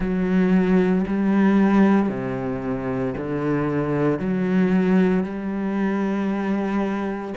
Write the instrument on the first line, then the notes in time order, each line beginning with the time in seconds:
cello
0.00 F#3
1.07 G3
2.09 C3
3.17 D3
4.19 F#3
5.23 G3